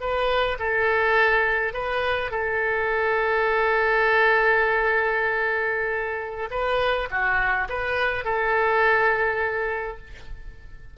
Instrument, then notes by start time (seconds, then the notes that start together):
oboe
0.00 B4
0.58 A4
1.73 B4
2.31 A4
6.51 B4
7.10 F#4
7.69 B4
8.24 A4